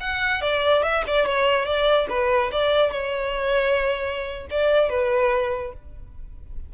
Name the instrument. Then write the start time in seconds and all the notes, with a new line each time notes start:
violin
0.00 F#5
0.41 D5
0.83 E5
1.07 D5
1.25 C#5
1.65 D5
2.09 B4
2.51 D5
2.91 C#5
4.50 D5
4.89 B4